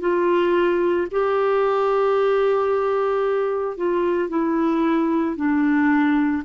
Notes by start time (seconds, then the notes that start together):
0.00 F4
1.11 G4
3.77 F4
4.29 E4
5.36 D4